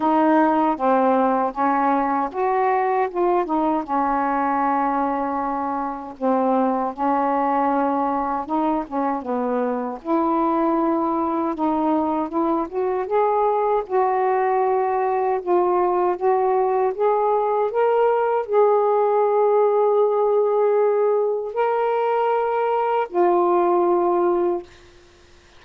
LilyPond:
\new Staff \with { instrumentName = "saxophone" } { \time 4/4 \tempo 4 = 78 dis'4 c'4 cis'4 fis'4 | f'8 dis'8 cis'2. | c'4 cis'2 dis'8 cis'8 | b4 e'2 dis'4 |
e'8 fis'8 gis'4 fis'2 | f'4 fis'4 gis'4 ais'4 | gis'1 | ais'2 f'2 | }